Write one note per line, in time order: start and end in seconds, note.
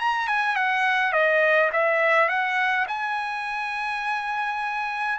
0.00 0.28 A#5
0.28 0.56 G#5
0.56 1.13 F#5
1.13 1.71 D#5
1.73 2.29 E5
2.29 2.87 F#5
2.88 5.19 G#5